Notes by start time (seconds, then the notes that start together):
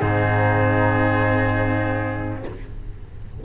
0.00 G#2 C4 D#4 G#4